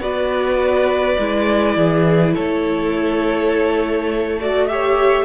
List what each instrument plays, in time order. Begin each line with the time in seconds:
0.00 cello B3, viola F#4, violin B4 D5
1.19 cello G#3, viola E4
1.77 cello E3, violin G#4
2.35 cello A3, violin A4 C#5
4.41 viola F#4, violin D5
4.68 viola G4, violin C#5 E5